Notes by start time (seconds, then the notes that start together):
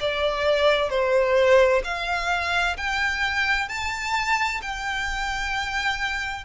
0.00 D5
0.90 C5
1.84 F5
2.77 G5
3.69 A5
4.62 G5